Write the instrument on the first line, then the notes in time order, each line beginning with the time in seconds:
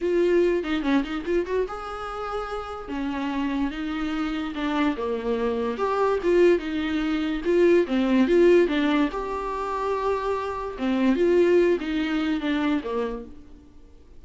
viola
0.01 F4
0.63 D#4
0.82 C#4
1.03 D#4
1.25 F4
1.46 F#4
1.68 G#4
2.88 C#4
3.70 D#4
4.54 D4
4.96 A#3
5.77 G4
6.23 F4
6.58 D#4
7.45 F4
7.86 C4
8.27 F4
8.67 D4
9.11 G4
10.78 C4
11.15 F4
11.79 D#4
12.40 D4
12.83 A#3